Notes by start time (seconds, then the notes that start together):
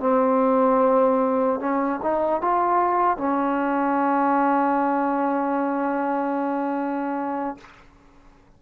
0.00 C4
1.60 C#4
2.03 D#4
2.41 F4
3.18 C#4